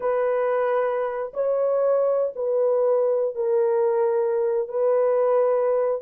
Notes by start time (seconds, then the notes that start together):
0.00 B4
1.33 C#5
2.35 B4
3.35 A#4
4.68 B4